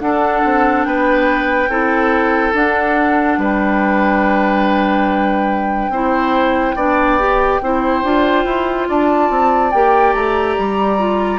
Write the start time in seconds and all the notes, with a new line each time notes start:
0.00 D4 A4 F#5
0.45 C4
0.85 B3 B4 G5
1.69 C4 E4 A4
2.54 D4 F#5
3.38 G3 B4 G5
5.90 C4 E4 C5
6.76 B3 D4 D5
7.20 G4
7.62 C4 E4 C5
8.04 D4 F4
8.45 E4
8.89 D4 D5 A5
9.31 C4
9.72 A#3 G4 G5
10.14 A3 A#5
10.59 G3
10.99 F4